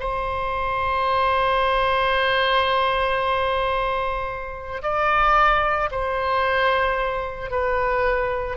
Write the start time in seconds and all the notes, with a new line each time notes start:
0.00 C5
4.83 D5
5.92 C5
7.51 B4